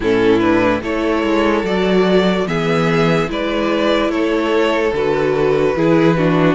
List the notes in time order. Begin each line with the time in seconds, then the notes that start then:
0.00 A2 C#4 E4 A4
0.39 D4 B4
0.82 A3 E4 A4 C#5
1.22 G#3
1.63 F#3 F#4 D5
2.46 E3 B3 G#4 E5
3.27 G#3 E4 B4 D5
4.09 A3 A4 C#5
4.92 D3 F#4 B4
5.76 E3 E4 G#4
6.17 D4 F#4